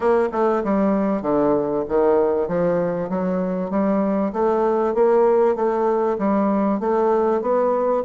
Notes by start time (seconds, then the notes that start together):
0.00 A#3
0.31 A3
0.64 G3
1.22 D3
1.88 D#3
2.47 F3
3.09 F#3
3.70 G3
4.32 A3
4.94 A#3
5.55 A3
6.18 G3
6.80 A3
7.41 B3